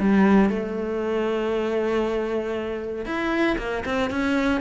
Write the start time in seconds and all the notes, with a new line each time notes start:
0.00 G3
0.50 A3
3.06 E4
3.59 A#3
3.85 C4
4.11 C#4